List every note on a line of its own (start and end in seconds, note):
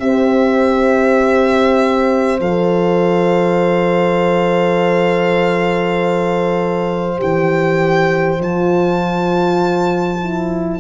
0.00 2.40 C4
0.00 2.40 G4
0.00 10.80 C5
0.00 2.40 E5
2.40 7.20 F3
2.40 7.18 A4
2.40 7.21 F5
7.18 8.39 E3
7.18 8.38 G4
7.18 8.41 G5
8.39 10.79 F3
8.39 10.20 F4
8.39 10.80 A5
10.21 10.80 E4